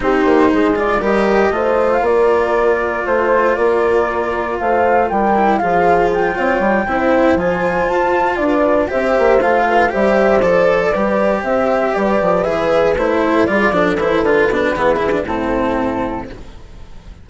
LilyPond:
<<
  \new Staff \with { instrumentName = "flute" } { \time 4/4 \tempo 4 = 118 c''4. d''8 dis''4.~ dis''16 f''16 | d''2 c''4 d''4~ | d''4 f''4 g''4 f''4 | g''2~ g''8 gis''4 a''8~ |
a''8 d''4 e''4 f''4 e''8~ | e''8 d''2 e''4 d''8~ | d''8 e''4 c''4 d''4 c''8 | b'2 a'2 | }
  \new Staff \with { instrumentName = "horn" } { \time 4/4 g'4 gis'4 ais'4 c''4 | ais'2 c''4 ais'4~ | ais'4 c''4 ais'4 gis'4~ | gis'8 cis''4 c''2~ c''8~ |
c''8 b'4 c''4. b'8 c''8~ | c''4. b'4 c''4 b'8~ | b'2 a'8 gis'8 a'4~ | a'4 gis'4 e'2 | }
  \new Staff \with { instrumentName = "cello" } { \time 4/4 dis'4. f'8 g'4 f'4~ | f'1~ | f'2~ f'8 e'8 f'4~ | f'4. e'4 f'4.~ |
f'4. g'4 f'4 g'8~ | g'8 a'4 g'2~ g'8~ | g'8 gis'4 e'4 f'8 d'8 e'8 | f'8 d'8 b8 e'16 d'16 c'2 | }
  \new Staff \with { instrumentName = "bassoon" } { \time 4/4 c'8 ais8 gis4 g4 a4 | ais2 a4 ais4~ | ais4 a4 g4 f4~ | f8 c'8 g8 c'4 f4 f'8~ |
f'8 d'4 c'8 ais8 a4 g8~ | g8 f4 g4 c'4 g8 | f8 e4 a4 g8 f8 e8 | d8 b,8 e4 a,2 | }
>>